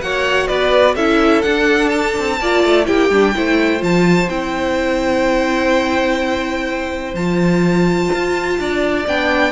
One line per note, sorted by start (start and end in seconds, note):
0.00 0.48 A#3
0.00 0.97 F#4
0.00 0.47 C#5
0.00 0.47 F#5
0.47 0.95 B3
0.47 0.94 B4
0.47 0.95 D5
0.94 1.43 C#4
0.94 1.43 E4
0.94 2.37 A4
0.94 1.42 E5
1.42 2.38 D4
1.42 2.17 D4
1.42 1.89 F#5
1.89 2.84 A5
2.18 2.40 C4
2.40 2.64 A#3
2.40 2.85 F4
2.40 2.87 D5
2.64 2.88 A3
2.85 3.10 A#3
2.85 3.09 E4
2.85 3.34 G4
2.85 3.81 G5
3.10 3.33 G3
3.10 3.35 D4
3.35 3.81 A3
3.35 3.78 E4
3.35 8.59 C5
3.78 4.29 F3
3.78 4.26 F4
3.78 4.28 A5
4.28 7.13 C4
4.28 7.15 E4
4.28 7.14 G5
7.13 8.09 F3
7.13 9.06 F4
7.13 9.05 A5
8.13 8.58 F4
8.58 9.06 D4
8.58 9.52 D5
9.07 9.52 B3
9.07 9.52 D4
9.07 9.52 G5